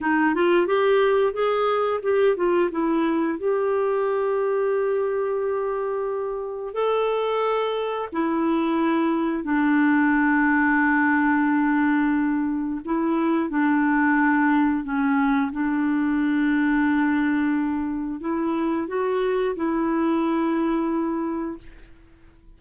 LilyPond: \new Staff \with { instrumentName = "clarinet" } { \time 4/4 \tempo 4 = 89 dis'8 f'8 g'4 gis'4 g'8 f'8 | e'4 g'2.~ | g'2 a'2 | e'2 d'2~ |
d'2. e'4 | d'2 cis'4 d'4~ | d'2. e'4 | fis'4 e'2. | }